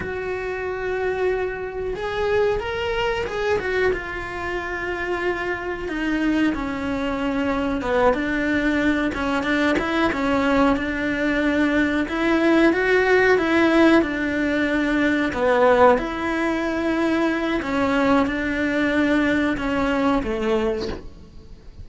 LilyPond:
\new Staff \with { instrumentName = "cello" } { \time 4/4 \tempo 4 = 92 fis'2. gis'4 | ais'4 gis'8 fis'8 f'2~ | f'4 dis'4 cis'2 | b8 d'4. cis'8 d'8 e'8 cis'8~ |
cis'8 d'2 e'4 fis'8~ | fis'8 e'4 d'2 b8~ | b8 e'2~ e'8 cis'4 | d'2 cis'4 a4 | }